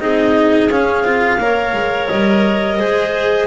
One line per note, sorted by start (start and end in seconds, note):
0.00 0.69 C4
0.00 0.70 D#4
0.00 1.41 G#4
0.00 0.70 D#5
0.69 1.03 C#4
0.69 1.05 C#4
0.69 2.08 F5
1.03 1.37 C4
1.03 1.40 F4
1.38 1.73 A#3
1.38 2.80 A#4
1.38 2.78 C#5
1.73 2.08 G#3
2.08 2.81 G3
2.08 3.47 D#5
2.78 3.47 G#3
2.78 3.47 G#4
2.78 3.47 C5